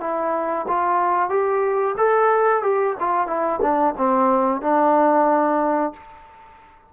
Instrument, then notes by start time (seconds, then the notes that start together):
trombone
0.00 E4
0.67 F4
1.29 G4
1.97 A4
2.63 G4
3.00 F4
3.27 E4
3.61 D4
3.97 C4
4.61 D4